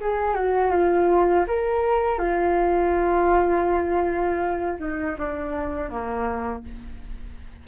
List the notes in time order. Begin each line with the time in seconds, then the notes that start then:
0.00 G#4
0.34 F#4
0.71 F4
1.47 A#4
2.19 F4
4.79 D#4
5.18 D4
5.90 A#3